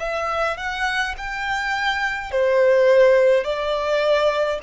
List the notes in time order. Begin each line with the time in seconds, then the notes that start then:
0.00 E5
0.58 F#5
1.18 G5
2.31 C5
3.44 D5